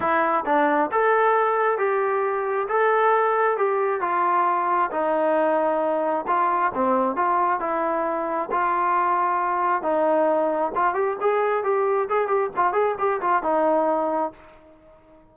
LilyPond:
\new Staff \with { instrumentName = "trombone" } { \time 4/4 \tempo 4 = 134 e'4 d'4 a'2 | g'2 a'2 | g'4 f'2 dis'4~ | dis'2 f'4 c'4 |
f'4 e'2 f'4~ | f'2 dis'2 | f'8 g'8 gis'4 g'4 gis'8 g'8 | f'8 gis'8 g'8 f'8 dis'2 | }